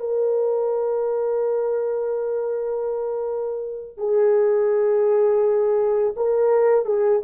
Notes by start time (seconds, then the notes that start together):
0.00 A#4
3.98 G#4
6.17 A#4
6.86 G#4